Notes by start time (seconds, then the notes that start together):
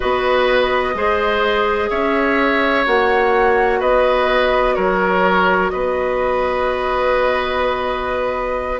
0.00 B3 F#4 B4 D#5
0.94 G#3 G#4 C5
1.89 C#4 C#5 E5
2.84 A#3 F#4 F#5
3.79 B3 B4 D#5
4.75 F#3 A#4 C#5
5.69 B3 B4 D#5